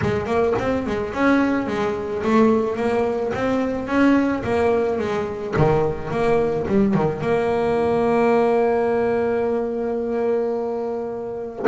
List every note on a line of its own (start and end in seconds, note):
0.01 0.26 G#3
0.26 0.53 A#3
0.58 0.86 C4
0.86 1.13 G#3
1.13 1.67 C#4
1.67 2.22 G#3
2.22 2.76 A3
2.76 3.32 A#3
3.34 3.87 C4
3.87 4.42 C#4
4.43 4.98 A#3
4.98 5.54 G#3
5.57 6.10 D#3
6.10 6.66 A#3
6.67 6.93 G3
6.93 7.21 D#3
7.21 11.65 A#3